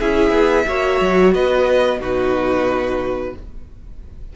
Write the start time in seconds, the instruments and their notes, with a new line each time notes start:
0.00 cello C#4, viola E4, violin G#4 E5
0.31 cello B3
0.67 cello A#3, viola F#4, violin C#5
1.01 cello F#3
1.33 cello B3, violin B4 D#5
2.00 cello B2, viola D#4, violin F#4 B4